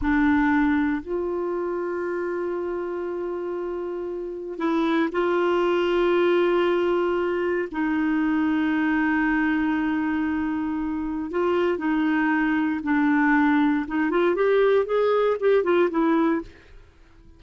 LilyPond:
\new Staff \with { instrumentName = "clarinet" } { \time 4/4 \tempo 4 = 117 d'2 f'2~ | f'1~ | f'4 e'4 f'2~ | f'2. dis'4~ |
dis'1~ | dis'2 f'4 dis'4~ | dis'4 d'2 dis'8 f'8 | g'4 gis'4 g'8 f'8 e'4 | }